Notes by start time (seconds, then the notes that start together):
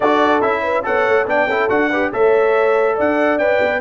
0.00 D4 F#4 A4 D5
0.41 C#4 E4 E5
0.62 B4
0.83 B3 A4 C#5 F#5
1.08 A3
1.25 B3 D4 D5 G5
1.47 C#4 E4 A4
1.69 D4 F#4 F#5
1.89 G4 B4
2.12 A3 A4 C#5 E5
2.95 D4 D5 F#5
3.38 C#4 B4 G5
3.62 B3